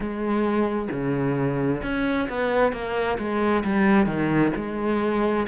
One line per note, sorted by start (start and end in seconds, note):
0.00 0.88 G#3
0.91 1.82 C#3
1.83 2.28 C#4
2.29 2.72 B3
2.72 3.18 A#3
3.18 3.63 G#3
3.64 4.06 G3
4.06 4.51 D#3
4.56 5.47 G#3